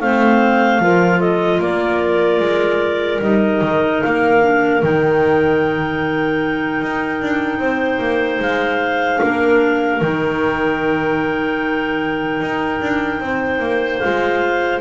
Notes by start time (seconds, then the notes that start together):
0.00 A3 C4 C5 F5
0.79 F3 F4 A#4
1.19 A4 D#5
1.60 A#3 A#4 D5
2.40 G#3
3.21 G3 D#4 D#5
3.62 D#3
4.02 A#3 F5
4.40 D4
4.81 D#3 D#4 G5
6.82 D#4
7.21 D4
7.59 C4 C5
7.99 A#3
8.39 G#3 F5
9.21 A#3 D4 A#4
10.01 D#3 D#4 G5
12.40 D#4
12.81 D4
13.20 C4 C5
13.59 A#3
13.99 G#3 F4 F5